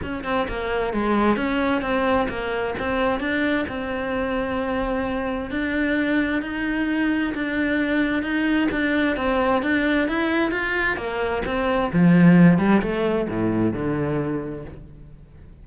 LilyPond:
\new Staff \with { instrumentName = "cello" } { \time 4/4 \tempo 4 = 131 cis'8 c'8 ais4 gis4 cis'4 | c'4 ais4 c'4 d'4 | c'1 | d'2 dis'2 |
d'2 dis'4 d'4 | c'4 d'4 e'4 f'4 | ais4 c'4 f4. g8 | a4 a,4 d2 | }